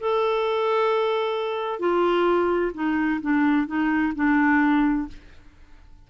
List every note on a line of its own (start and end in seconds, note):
0.00 1.79 A4
1.79 2.71 F4
2.74 3.20 D#4
3.21 3.67 D4
3.67 4.13 D#4
4.15 5.07 D4